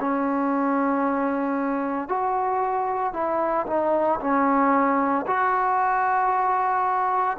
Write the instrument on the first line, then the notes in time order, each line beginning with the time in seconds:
trombone
0.00 C#4
2.08 F#4
3.13 E4
3.67 D#4
4.21 C#4
5.27 F#4